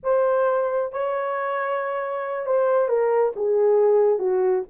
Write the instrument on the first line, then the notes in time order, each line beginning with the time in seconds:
horn
0.03 C5
0.92 C#5
2.46 C5
2.88 A#4
3.36 G#4
4.18 F#4